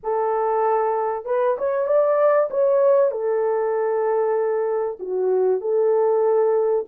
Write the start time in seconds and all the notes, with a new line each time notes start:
0.03 A4
1.25 B4
1.57 C#5
1.86 D5
2.50 C#5
3.11 A4
4.99 F#4
5.60 A4